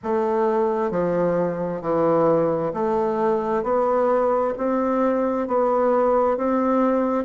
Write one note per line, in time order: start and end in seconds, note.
0.03 0.90 A3
0.90 1.81 F3
1.81 2.72 E3
2.73 3.63 A3
3.63 4.54 B3
4.57 5.48 C4
5.48 6.37 B3
6.37 7.24 C4